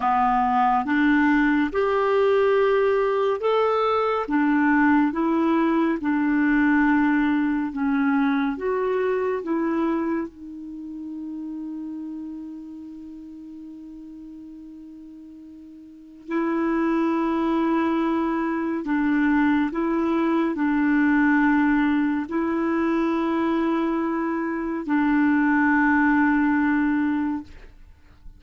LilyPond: \new Staff \with { instrumentName = "clarinet" } { \time 4/4 \tempo 4 = 70 b4 d'4 g'2 | a'4 d'4 e'4 d'4~ | d'4 cis'4 fis'4 e'4 | dis'1~ |
dis'2. e'4~ | e'2 d'4 e'4 | d'2 e'2~ | e'4 d'2. | }